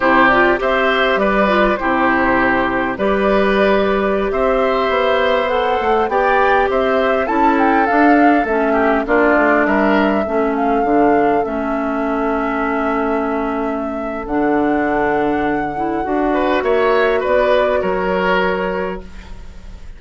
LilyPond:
<<
  \new Staff \with { instrumentName = "flute" } { \time 4/4 \tempo 4 = 101 c''8 d''8 e''4 d''4 c''4~ | c''4 d''2~ d''16 e''8.~ | e''4~ e''16 fis''4 g''4 e''8.~ | e''16 a''8 g''8 f''4 e''4 d''8.~ |
d''16 e''4. f''4. e''8.~ | e''1 | fis''1 | e''4 d''4 cis''2 | }
  \new Staff \with { instrumentName = "oboe" } { \time 4/4 g'4 c''4 b'4 g'4~ | g'4 b'2~ b'16 c''8.~ | c''2~ c''16 d''4 c''8.~ | c''16 a'2~ a'8 g'8 f'8.~ |
f'16 ais'4 a'2~ a'8.~ | a'1~ | a'2.~ a'8 b'8 | cis''4 b'4 ais'2 | }
  \new Staff \with { instrumentName = "clarinet" } { \time 4/4 e'8 f'8 g'4. f'8 e'4~ | e'4 g'2.~ | g'4~ g'16 a'4 g'4.~ g'16~ | g'16 e'4 d'4 cis'4 d'8.~ |
d'4~ d'16 cis'4 d'4 cis'8.~ | cis'1 | d'2~ d'8 e'8 fis'4~ | fis'1 | }
  \new Staff \with { instrumentName = "bassoon" } { \time 4/4 c4 c'4 g4 c4~ | c4 g2~ g16 c'8.~ | c'16 b4. a8 b4 c'8.~ | c'16 cis'4 d'4 a4 ais8 a16~ |
a16 g4 a4 d4 a8.~ | a1 | d2. d'4 | ais4 b4 fis2 | }
>>